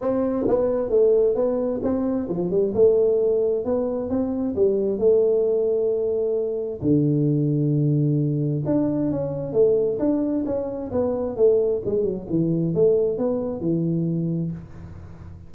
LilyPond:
\new Staff \with { instrumentName = "tuba" } { \time 4/4 \tempo 4 = 132 c'4 b4 a4 b4 | c'4 f8 g8 a2 | b4 c'4 g4 a4~ | a2. d4~ |
d2. d'4 | cis'4 a4 d'4 cis'4 | b4 a4 gis8 fis8 e4 | a4 b4 e2 | }